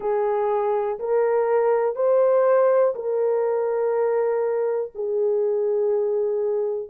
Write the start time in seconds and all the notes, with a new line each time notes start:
0.00 G#4
0.99 A#4
1.95 C5
2.95 A#4
4.94 G#4